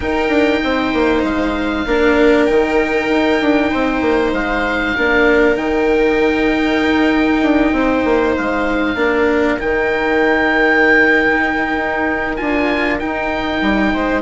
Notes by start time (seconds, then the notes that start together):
0.00 D#4 A#4 G5
0.28 D4
0.63 C4 C5
0.93 A#3
1.23 G#3 F5
1.86 A#3 D4 A#4
2.45 D#3 D#4 G5
3.09 D#4
3.40 D4
3.71 C4 C5
4.01 A#3
4.32 G#3 F5
4.96 A#3 D4 A#4
5.55 D#3 D#4 G5
6.81 D#4
7.42 D4
7.72 C4 C5
8.04 A#3
8.37 G#3 F5
8.95 A#3 D4 A#4
9.58 D#3 D#4 G5
11.76 D#4
12.36 D4 F4 G#5
12.99 D#4 G5
13.61 G3
13.93 G#3 C5